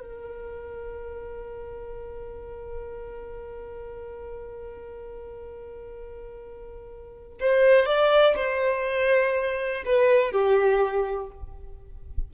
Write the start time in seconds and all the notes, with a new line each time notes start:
0.00 A#4
7.40 C5
7.86 D5
8.36 C5
9.85 B4
10.32 G4